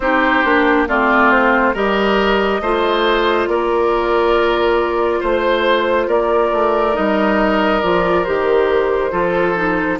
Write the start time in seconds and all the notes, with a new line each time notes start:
0.00 C4 D#4 G4 C5
0.43 A#3 D4
0.87 A3 C4 F4 D5
1.31 C5
1.73 G3 G4 A#4 D#5
2.61 A3 F4 C5
3.47 A#3 A#4 D5
5.20 A3 C5
6.07 A#3 A#4 D5
6.52 A3
6.93 G3 D#4 D#5
7.81 F3 F4 D5
8.24 D#3 G4 C5
9.11 F3 F4 A4
9.55 D#4